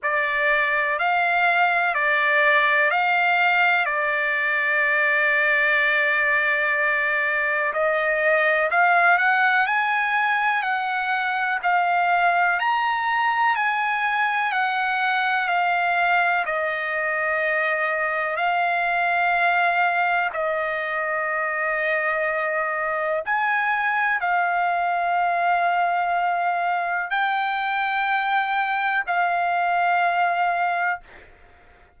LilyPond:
\new Staff \with { instrumentName = "trumpet" } { \time 4/4 \tempo 4 = 62 d''4 f''4 d''4 f''4 | d''1 | dis''4 f''8 fis''8 gis''4 fis''4 | f''4 ais''4 gis''4 fis''4 |
f''4 dis''2 f''4~ | f''4 dis''2. | gis''4 f''2. | g''2 f''2 | }